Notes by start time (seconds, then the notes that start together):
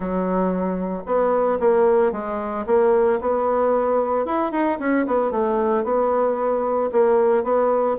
0.00 F#3
1.05 B3
1.59 A#3
2.12 G#3
2.66 A#3
3.21 B3
4.25 E4
4.51 D#4
4.79 C#4
5.06 B3
5.31 A3
5.84 B3
6.92 A#3
7.43 B3